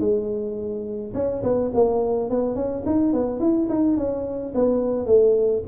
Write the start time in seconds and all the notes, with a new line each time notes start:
0.00 G#3
1.14 C#4
1.43 B3
1.74 A#3
2.30 B3
2.55 C#4
2.86 D#4
3.13 B3
3.40 E4
3.69 D#4
3.97 C#4
4.55 B3
5.06 A3